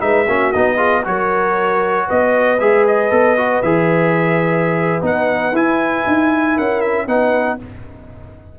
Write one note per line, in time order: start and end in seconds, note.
0.00 0.27 G#3
0.00 0.26 D#4
0.00 0.26 B4
0.00 0.52 E5
0.26 0.53 A#3
0.26 0.54 C#4
0.26 0.76 F#4
0.52 1.05 B3
0.52 0.77 D#4
0.52 1.03 D#5
0.76 1.03 F4
0.76 1.01 G#4
1.04 2.08 F#3
1.04 2.58 F#4
1.04 2.07 A#4
1.04 2.09 C#5
2.07 2.60 B3
2.07 6.55 B4
2.07 2.59 D#5
2.59 3.11 G#3
2.59 3.10 G#4
2.59 2.85 E5
2.87 3.62 D#5
3.10 3.62 B3
3.10 3.36 A4
3.37 3.62 F#4
3.62 5.02 E3
3.62 5.02 G#4
3.62 5.03 E5
5.02 5.52 B3
5.02 5.53 D#4
5.02 5.56 F#5
5.52 6.04 E4
5.52 7.08 E4
5.52 6.58 G#5
6.07 6.58 D#4
6.56 7.07 C#4
6.56 7.07 A#4
6.56 6.81 F#5
6.81 7.06 E5
7.07 7.58 B3
7.07 7.59 D#4
7.07 7.59 B4
7.07 7.59 F#5